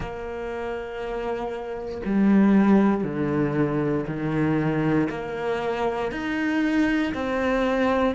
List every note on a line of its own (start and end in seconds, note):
0.00 2.01 A#3
2.05 3.03 G3
3.03 4.05 D3
4.07 5.08 D#3
5.09 6.11 A#3
6.11 7.13 D#4
7.14 8.15 C4